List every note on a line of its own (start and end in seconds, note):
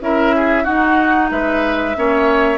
0.00 0.65 C#4
0.00 0.65 E4
0.00 0.35 A#4
0.00 0.64 E5
0.36 0.63 G#4
0.63 1.94 D#4
0.63 1.31 D#4
0.63 1.28 F#4
0.63 1.29 F#5
1.30 1.95 G#3
1.30 1.96 B4
1.30 2.58 E5
1.95 2.58 A#3
1.95 2.58 C#4
1.95 2.58 C#5